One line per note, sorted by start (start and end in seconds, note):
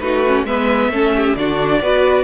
0.00 0.44 A3
0.00 0.24 D#4
0.00 0.47 F#4
0.00 0.45 B4
0.27 0.47 C#4
0.44 0.88 G#3
0.44 0.92 B3
0.44 0.90 B4
0.44 1.36 E5
0.88 1.33 A3
0.88 1.37 C#4
0.88 1.13 A4
1.16 1.38 G4
1.36 1.81 D3
1.36 1.83 D4
1.36 1.83 F#4
1.36 2.24 D5
1.81 2.24 B3
1.81 2.24 F#4
1.81 2.24 B4